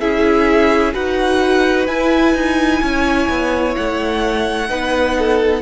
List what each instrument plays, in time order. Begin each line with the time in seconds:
0.00 cello C#4, viola E4, violin G#4 E5
0.94 cello D#4, viola F#4, violin B4 F#5
1.87 cello E4, viola E4, violin G#5
2.34 cello D#4
2.82 cello C#4, violin C#5
3.29 cello B3
3.76 cello A3, violin F#5
4.68 cello B3, viola D#4, violin B4
5.19 violin A4